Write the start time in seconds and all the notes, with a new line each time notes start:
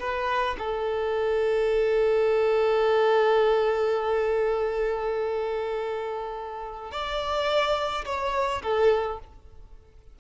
0.00 B4
0.58 A4
6.92 D5
8.05 C#5
8.63 A4